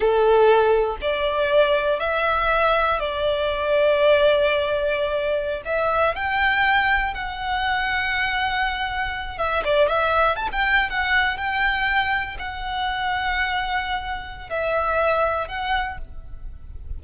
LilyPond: \new Staff \with { instrumentName = "violin" } { \time 4/4 \tempo 4 = 120 a'2 d''2 | e''2 d''2~ | d''2.~ d''16 e''8.~ | e''16 g''2 fis''4.~ fis''16~ |
fis''2~ fis''8. e''8 d''8 e''16~ | e''8. a''16 g''8. fis''4 g''4~ g''16~ | g''8. fis''2.~ fis''16~ | fis''4 e''2 fis''4 | }